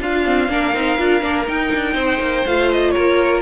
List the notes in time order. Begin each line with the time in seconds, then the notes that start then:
0.00 D4 F4 F5
0.26 C4
0.49 A#3 D4 A#4
0.74 C4 D#4
0.99 D4 F4
1.22 A#3 D4
1.47 D#4 G5
1.75 D4
1.94 C4 C5
2.21 A#3
2.46 A3 F4 F5
2.72 D#5
2.91 A#4 C#5
2.97 A#3